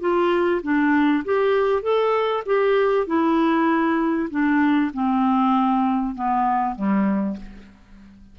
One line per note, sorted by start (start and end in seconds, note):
0.00 0.61 F4
0.63 1.24 D4
1.24 1.82 G4
1.82 2.44 A4
2.45 3.06 G4
3.06 4.29 E4
4.30 4.91 D4
4.93 6.15 C4
6.15 6.75 B3
6.75 7.36 G3